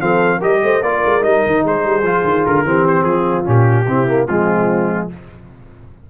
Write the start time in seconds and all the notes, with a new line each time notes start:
0.00 F3 C4 A4 F5
0.39 G3 G4 A#4 D#5
0.63 A3 C5
0.82 A#3 F4 A#4 D5
1.05 G#3
1.21 G3 D#4 D#5
1.46 D#3
1.64 G#3 G#4 C5
1.84 G3
2.03 F3 F4
2.24 D#3
2.46 D3 A#4
2.65 E3 C4 G4
2.88 C5
3.03 F3 F4 G#4
3.44 A#2 C#4 G4
3.87 C3 C4 E4
4.07 A#3
4.27 F3 G#3 C4 F4